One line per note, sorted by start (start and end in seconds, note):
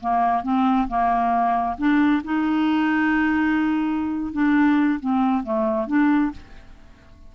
0.00 0.43 A#3
0.43 0.87 C4
0.88 1.77 A#3
1.77 2.22 D4
2.24 4.33 D#4
4.33 4.99 D4
4.99 5.43 C4
5.43 5.87 A3
5.87 6.31 D4